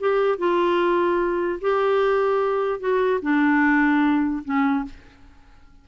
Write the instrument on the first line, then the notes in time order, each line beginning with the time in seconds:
clarinet
0.00 G4
0.38 F4
1.61 G4
2.80 F#4
3.22 D4
4.44 C#4